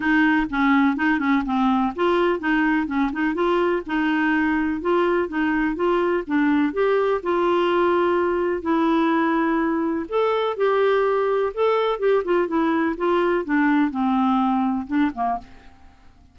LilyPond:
\new Staff \with { instrumentName = "clarinet" } { \time 4/4 \tempo 4 = 125 dis'4 cis'4 dis'8 cis'8 c'4 | f'4 dis'4 cis'8 dis'8 f'4 | dis'2 f'4 dis'4 | f'4 d'4 g'4 f'4~ |
f'2 e'2~ | e'4 a'4 g'2 | a'4 g'8 f'8 e'4 f'4 | d'4 c'2 d'8 ais8 | }